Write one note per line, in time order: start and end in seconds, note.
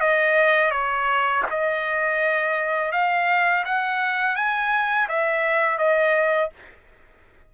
0.00 0.71 D#5
0.71 1.43 C#5
1.50 2.91 D#5
2.91 3.64 F5
3.64 4.35 F#5
4.35 5.08 G#5
5.08 5.78 E5
5.78 6.50 D#5